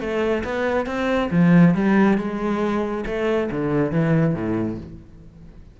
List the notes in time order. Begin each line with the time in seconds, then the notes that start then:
0.00 A3
0.44 B3
0.86 C4
1.31 F3
1.75 G3
2.18 G#3
3.06 A3
3.51 D3
3.91 E3
4.34 A2